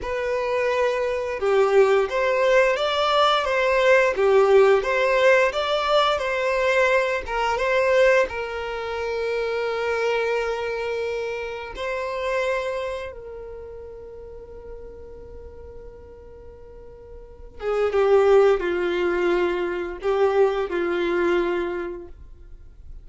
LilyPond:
\new Staff \with { instrumentName = "violin" } { \time 4/4 \tempo 4 = 87 b'2 g'4 c''4 | d''4 c''4 g'4 c''4 | d''4 c''4. ais'8 c''4 | ais'1~ |
ais'4 c''2 ais'4~ | ais'1~ | ais'4. gis'8 g'4 f'4~ | f'4 g'4 f'2 | }